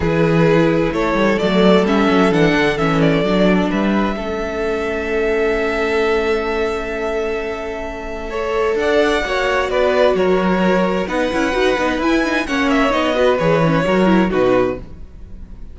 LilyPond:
<<
  \new Staff \with { instrumentName = "violin" } { \time 4/4 \tempo 4 = 130 b'2 cis''4 d''4 | e''4 fis''4 e''8 d''4. | e''1~ | e''1~ |
e''2. fis''4~ | fis''4 d''4 cis''2 | fis''2 gis''4 fis''8 e''8 | dis''4 cis''2 b'4 | }
  \new Staff \with { instrumentName = "violin" } { \time 4/4 gis'2 a'2~ | a'1 | b'4 a'2.~ | a'1~ |
a'2 cis''4 d''4 | cis''4 b'4 ais'2 | b'2. cis''4~ | cis''8 b'4. ais'4 fis'4 | }
  \new Staff \with { instrumentName = "viola" } { \time 4/4 e'2. a4 | cis'4 d'4 cis'4 d'4~ | d'4 cis'2.~ | cis'1~ |
cis'2 a'2 | fis'1 | dis'8 e'8 fis'8 dis'8 e'8 dis'8 cis'4 | dis'8 fis'8 gis'8 cis'8 fis'8 e'8 dis'4 | }
  \new Staff \with { instrumentName = "cello" } { \time 4/4 e2 a8 g8 fis4 | g8 fis8 e8 d8 e4 fis4 | g4 a2.~ | a1~ |
a2. d'4 | ais4 b4 fis2 | b8 cis'8 dis'8 b8 e'4 ais4 | b4 e4 fis4 b,4 | }
>>